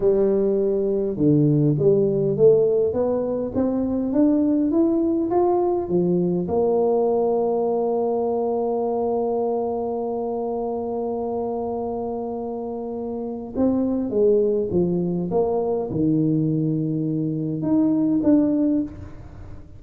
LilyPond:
\new Staff \with { instrumentName = "tuba" } { \time 4/4 \tempo 4 = 102 g2 d4 g4 | a4 b4 c'4 d'4 | e'4 f'4 f4 ais4~ | ais1~ |
ais1~ | ais2. c'4 | gis4 f4 ais4 dis4~ | dis2 dis'4 d'4 | }